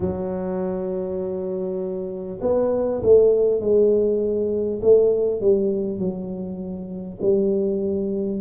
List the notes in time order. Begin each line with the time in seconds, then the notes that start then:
0.00 F#3
2.41 B3
3.02 A3
3.60 G#3
4.82 A3
5.40 G3
5.98 F#3
7.21 G3